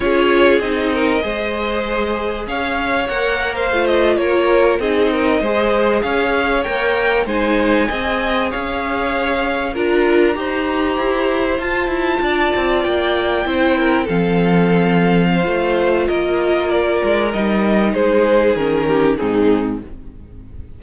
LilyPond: <<
  \new Staff \with { instrumentName = "violin" } { \time 4/4 \tempo 4 = 97 cis''4 dis''2. | f''4 fis''8. f''8 dis''8 cis''4 dis''16~ | dis''4.~ dis''16 f''4 g''4 gis''16~ | gis''4.~ gis''16 f''2 ais''16~ |
ais''2~ ais''8. a''4~ a''16~ | a''8. g''2 f''4~ f''16~ | f''2 dis''4 d''4 | dis''4 c''4 ais'4 gis'4 | }
  \new Staff \with { instrumentName = "violin" } { \time 4/4 gis'4. ais'8 c''2 | cis''4.~ cis''16 c''4 ais'4 gis'16~ | gis'16 ais'8 c''4 cis''2 c''16~ | c''8. dis''4 cis''2 ais'16~ |
ais'8. c''2. d''16~ | d''4.~ d''16 c''8 ais'8 a'4~ a'16~ | a'8. c''4~ c''16 ais'2~ | ais'4 gis'4. g'8 dis'4 | }
  \new Staff \with { instrumentName = "viola" } { \time 4/4 f'4 dis'4 gis'2~ | gis'4 ais'4 f'4.~ f'16 dis'16~ | dis'8. gis'2 ais'4 dis'16~ | dis'8. gis'2. f'16~ |
f'8. g'2 f'4~ f'16~ | f'4.~ f'16 e'4 c'4~ c'16~ | c'4 f'2. | dis'2 cis'4 c'4 | }
  \new Staff \with { instrumentName = "cello" } { \time 4/4 cis'4 c'4 gis2 | cis'4 ais4 a8. ais4 c'16~ | c'8. gis4 cis'4 ais4 gis16~ | gis8. c'4 cis'2 d'16~ |
d'8. dis'4 e'4 f'8 e'8 d'16~ | d'16 c'8 ais4 c'4 f4~ f16~ | f4 a4 ais4. gis8 | g4 gis4 dis4 gis,4 | }
>>